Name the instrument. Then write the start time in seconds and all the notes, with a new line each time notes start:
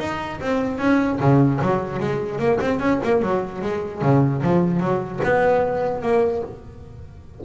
double bass
0.00 D#4
0.41 C4
0.79 C#4
1.20 C#3
1.62 F#3
2.00 G#3
2.39 A#3
2.61 C4
2.80 C#4
3.04 A#3
3.22 F#3
3.62 G#3
4.02 C#3
4.43 F3
4.80 F#3
5.24 B3
6.02 A#3